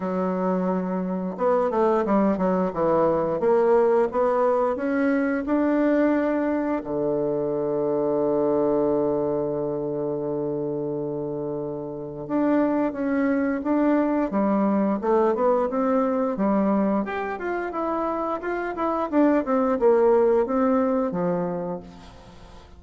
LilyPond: \new Staff \with { instrumentName = "bassoon" } { \time 4/4 \tempo 4 = 88 fis2 b8 a8 g8 fis8 | e4 ais4 b4 cis'4 | d'2 d2~ | d1~ |
d2 d'4 cis'4 | d'4 g4 a8 b8 c'4 | g4 g'8 f'8 e'4 f'8 e'8 | d'8 c'8 ais4 c'4 f4 | }